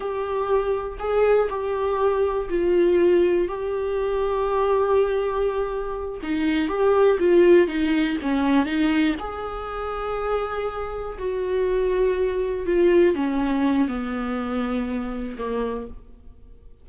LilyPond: \new Staff \with { instrumentName = "viola" } { \time 4/4 \tempo 4 = 121 g'2 gis'4 g'4~ | g'4 f'2 g'4~ | g'1~ | g'8 dis'4 g'4 f'4 dis'8~ |
dis'8 cis'4 dis'4 gis'4.~ | gis'2~ gis'8 fis'4.~ | fis'4. f'4 cis'4. | b2. ais4 | }